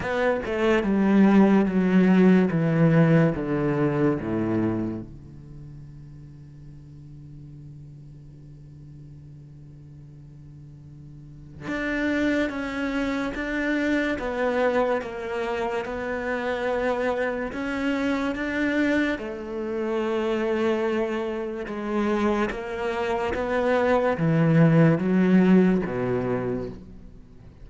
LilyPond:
\new Staff \with { instrumentName = "cello" } { \time 4/4 \tempo 4 = 72 b8 a8 g4 fis4 e4 | d4 a,4 d2~ | d1~ | d2 d'4 cis'4 |
d'4 b4 ais4 b4~ | b4 cis'4 d'4 a4~ | a2 gis4 ais4 | b4 e4 fis4 b,4 | }